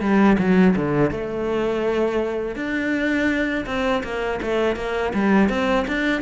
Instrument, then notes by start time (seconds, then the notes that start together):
cello
0.00 G3
0.38 F#3
0.75 D3
1.10 A3
2.55 D4
3.66 C4
4.03 A#3
4.41 A3
4.76 A#3
5.13 G3
5.49 C4
5.87 D4